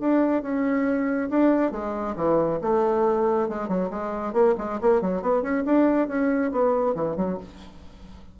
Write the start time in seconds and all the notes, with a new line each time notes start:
0.00 D4
0.42 C#4
1.30 D4
1.72 G#3
2.16 E3
2.62 A3
3.49 G#3
3.69 F#3
3.91 G#3
4.33 A#3
4.58 G#3
4.81 A#3
5.02 F#3
5.22 B3
5.42 C#4
5.66 D4
6.08 C#4
6.52 B3
6.95 E3
7.16 F#3